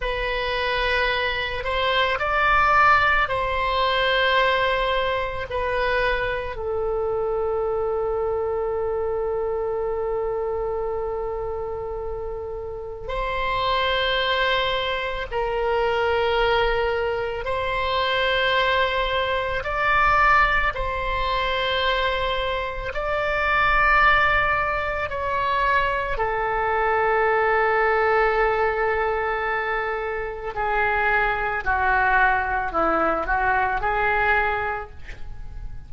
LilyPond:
\new Staff \with { instrumentName = "oboe" } { \time 4/4 \tempo 4 = 55 b'4. c''8 d''4 c''4~ | c''4 b'4 a'2~ | a'1 | c''2 ais'2 |
c''2 d''4 c''4~ | c''4 d''2 cis''4 | a'1 | gis'4 fis'4 e'8 fis'8 gis'4 | }